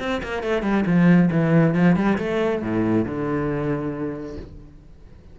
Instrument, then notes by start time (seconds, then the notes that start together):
cello
0.00 C4
0.23 A#3
0.43 A3
0.63 G3
0.87 F3
1.32 E3
1.75 F3
1.96 G3
2.19 A3
2.63 A2
3.06 D3